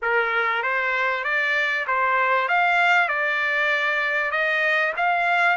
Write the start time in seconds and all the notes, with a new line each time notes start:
0.01 A#4
0.62 C5
1.24 D5
1.87 C5
2.48 F5
3.08 D5
4.31 D#5
4.96 F5